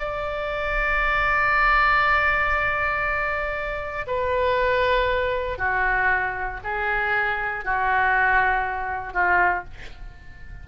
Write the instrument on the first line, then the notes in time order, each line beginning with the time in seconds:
oboe
0.00 D5
4.07 B4
5.59 F#4
6.64 G#4
7.65 F#4
9.14 F4